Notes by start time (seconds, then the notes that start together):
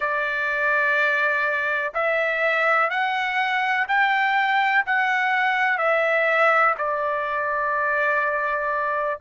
0.00 D5
1.94 E5
2.89 F#5
3.88 G5
4.86 F#5
5.78 E5
6.77 D5